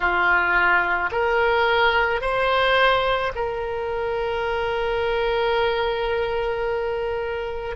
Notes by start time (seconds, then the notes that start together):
0.00 F4
1.11 A#4
2.21 C5
3.35 A#4